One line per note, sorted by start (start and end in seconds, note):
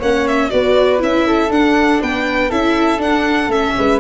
0.00 0.52 A#3
0.00 0.50 C#4
0.00 0.50 C#5
0.00 0.28 F#5
0.28 0.50 E5
0.50 1.03 B3
0.50 0.99 F#4
0.50 1.27 B4
0.50 1.00 D5
0.99 1.50 C#4
0.99 1.49 E4
0.99 1.52 E5
1.27 2.02 A4
1.50 2.00 D4
1.50 2.51 D4
1.50 2.02 F#5
2.02 2.52 B3
2.02 2.49 B4
2.02 2.51 G5
2.49 2.99 C#4
2.49 2.99 E4
2.49 3.74 A4
2.49 3.01 E5
2.99 3.48 D4
2.99 3.49 D4
2.99 3.52 F#5
3.48 3.73 A3
3.48 4.00 C#4
3.48 4.00 E5
3.78 4.00 G#3
3.78 4.00 B4